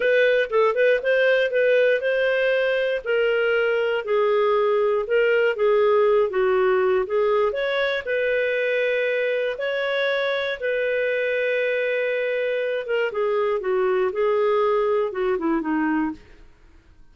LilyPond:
\new Staff \with { instrumentName = "clarinet" } { \time 4/4 \tempo 4 = 119 b'4 a'8 b'8 c''4 b'4 | c''2 ais'2 | gis'2 ais'4 gis'4~ | gis'8 fis'4. gis'4 cis''4 |
b'2. cis''4~ | cis''4 b'2.~ | b'4. ais'8 gis'4 fis'4 | gis'2 fis'8 e'8 dis'4 | }